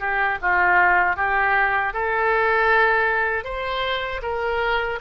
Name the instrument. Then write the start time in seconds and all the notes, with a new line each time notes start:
oboe
0.00 G4
0.42 F4
1.16 G4
1.94 A4
3.44 C5
4.22 A#4